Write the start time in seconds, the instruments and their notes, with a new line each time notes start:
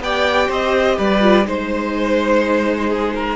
0.00 cello B3, viola G4, violin D5 G5
0.47 cello C4, violin C5 D#5
0.98 cello G3, violin B4 D5
1.21 viola F4
1.44 cello G#3, viola D#4, violin C5
2.89 violin G#4
3.14 violin A#4